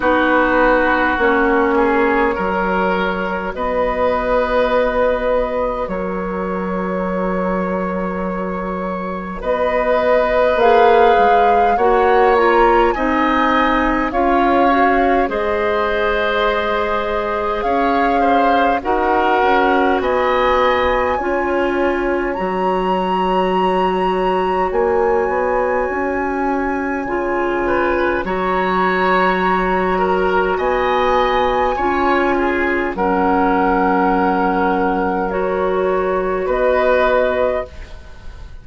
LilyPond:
<<
  \new Staff \with { instrumentName = "flute" } { \time 4/4 \tempo 4 = 51 b'4 cis''2 dis''4~ | dis''4 cis''2. | dis''4 f''4 fis''8 ais''8 gis''4 | f''4 dis''2 f''4 |
fis''4 gis''2 ais''4~ | ais''4 gis''2. | ais''2 gis''2 | fis''2 cis''4 dis''4 | }
  \new Staff \with { instrumentName = "oboe" } { \time 4/4 fis'4. gis'8 ais'4 b'4~ | b'4 ais'2. | b'2 cis''4 dis''4 | cis''4 c''2 cis''8 c''8 |
ais'4 dis''4 cis''2~ | cis''2.~ cis''8 b'8 | cis''4. ais'8 dis''4 cis''8 gis'8 | ais'2. b'4 | }
  \new Staff \with { instrumentName = "clarinet" } { \time 4/4 dis'4 cis'4 fis'2~ | fis'1~ | fis'4 gis'4 fis'8 f'8 dis'4 | f'8 fis'8 gis'2. |
fis'2 f'4 fis'4~ | fis'2. f'4 | fis'2. f'4 | cis'2 fis'2 | }
  \new Staff \with { instrumentName = "bassoon" } { \time 4/4 b4 ais4 fis4 b4~ | b4 fis2. | b4 ais8 gis8 ais4 c'4 | cis'4 gis2 cis'4 |
dis'8 cis'8 b4 cis'4 fis4~ | fis4 ais8 b8 cis'4 cis4 | fis2 b4 cis'4 | fis2. b4 | }
>>